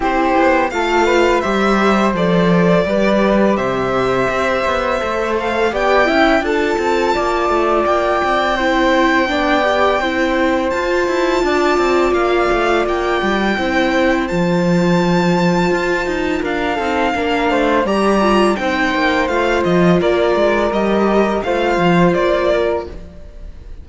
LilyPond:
<<
  \new Staff \with { instrumentName = "violin" } { \time 4/4 \tempo 4 = 84 c''4 f''4 e''4 d''4~ | d''4 e''2~ e''8 f''8 | g''4 a''2 g''4~ | g''2. a''4~ |
a''4 f''4 g''2 | a''2. f''4~ | f''4 ais''4 g''4 f''8 dis''8 | d''4 dis''4 f''4 d''4 | }
  \new Staff \with { instrumentName = "flute" } { \time 4/4 g'4 a'8 b'8 c''2 | b'4 c''2. | d''8 e''8 a'4 d''2 | c''4 d''4 c''2 |
d''2. c''4~ | c''2. ais'8 a'8 | ais'8 c''8 d''4 c''2 | ais'2 c''4. ais'8 | }
  \new Staff \with { instrumentName = "viola" } { \time 4/4 e'4 f'4 g'4 a'4 | g'2. a'4 | g'8 e'8 f'2. | e'4 d'8 g'8 e'4 f'4~ |
f'2. e'4 | f'2.~ f'8 dis'8 | d'4 g'8 f'8 dis'4 f'4~ | f'4 g'4 f'2 | }
  \new Staff \with { instrumentName = "cello" } { \time 4/4 c'8 b8 a4 g4 f4 | g4 c4 c'8 b8 a4 | b8 cis'8 d'8 c'8 ais8 a8 ais8 c'8~ | c'4 b4 c'4 f'8 e'8 |
d'8 c'8 ais8 a8 ais8 g8 c'4 | f2 f'8 dis'8 d'8 c'8 | ais8 a8 g4 c'8 ais8 a8 f8 | ais8 gis8 g4 a8 f8 ais4 | }
>>